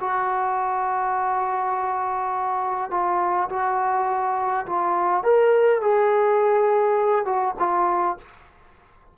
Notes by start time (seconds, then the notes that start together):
0.00 F#4
2.91 F4
3.49 F#4
4.66 F4
5.23 A#4
5.81 G#4
7.26 F#4
7.59 F4